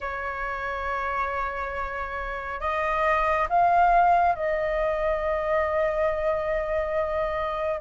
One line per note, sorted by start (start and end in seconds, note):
0.00 2.60 C#5
2.60 3.47 D#5
3.49 4.35 F5
4.35 7.80 D#5